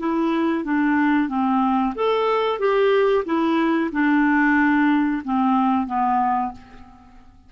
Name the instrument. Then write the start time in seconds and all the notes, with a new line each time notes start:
clarinet
0.00 E4
0.65 D4
1.30 C4
1.96 A4
2.60 G4
3.26 E4
3.92 D4
5.25 C4
5.88 B3